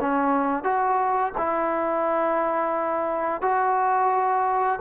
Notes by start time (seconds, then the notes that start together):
0.00 C#4
0.63 F#4
1.37 E4
3.41 F#4